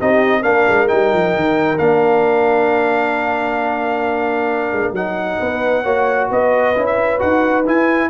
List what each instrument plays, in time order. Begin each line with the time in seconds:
0.00 tuba C4, trombone D#4, horn G4, trumpet D#5
0.41 tuba A#3, trombone D4, horn A#4, trumpet F5
0.69 tuba G#3
0.88 tuba G3, trombone D#4, trumpet G5
1.13 tuba F3
1.35 tuba D#3
1.78 tuba A#3, trombone D4, trumpet F5
4.73 tuba G#3
4.82 tuba A#3
4.92 tuba F#3, trombone D#4, trumpet F#5
5.39 tuba B3, horn B4
5.83 tuba A#3, trombone F#4, horn C#5
6.31 tuba B3, horn B4, trumpet D#5
6.76 tuba C#4, trombone E4
6.86 trumpet E5
7.19 tuba D#4, trombone F#4, trumpet F#5
7.67 trombone E4, tuba E4, trumpet G#5